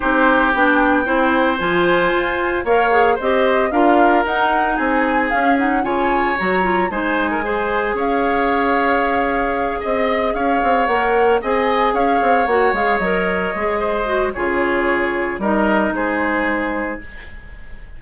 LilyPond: <<
  \new Staff \with { instrumentName = "flute" } { \time 4/4 \tempo 4 = 113 c''4 g''2 gis''4~ | gis''4 f''4 dis''4 f''4 | fis''4 gis''4 f''8 fis''8 gis''4 | ais''4 gis''2 f''4~ |
f''2~ f''8 dis''4 f''8~ | f''8 fis''4 gis''4 f''4 fis''8 | f''8 dis''2~ dis''8 cis''4~ | cis''4 dis''4 c''2 | }
  \new Staff \with { instrumentName = "oboe" } { \time 4/4 g'2 c''2~ | c''4 cis''4 c''4 ais'4~ | ais'4 gis'2 cis''4~ | cis''4 c''8. ais'16 c''4 cis''4~ |
cis''2~ cis''8 dis''4 cis''8~ | cis''4. dis''4 cis''4.~ | cis''2 c''4 gis'4~ | gis'4 ais'4 gis'2 | }
  \new Staff \with { instrumentName = "clarinet" } { \time 4/4 dis'4 d'4 e'4 f'4~ | f'4 ais'8 gis'8 g'4 f'4 | dis'2 cis'8 dis'8 f'4 | fis'8 f'8 dis'4 gis'2~ |
gis'1~ | gis'8 ais'4 gis'2 fis'8 | gis'8 ais'4 gis'4 fis'8 f'4~ | f'4 dis'2. | }
  \new Staff \with { instrumentName = "bassoon" } { \time 4/4 c'4 b4 c'4 f4 | f'4 ais4 c'4 d'4 | dis'4 c'4 cis'4 cis4 | fis4 gis2 cis'4~ |
cis'2~ cis'8 c'4 cis'8 | c'8 ais4 c'4 cis'8 c'8 ais8 | gis8 fis4 gis4. cis4~ | cis4 g4 gis2 | }
>>